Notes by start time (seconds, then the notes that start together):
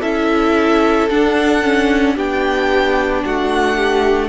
0.00 C#4 E4 A4 E5
1.10 D4 F#5
1.63 C#4
2.15 B3 D4 G4 G5
3.25 A3 F#4 F#5
3.77 G4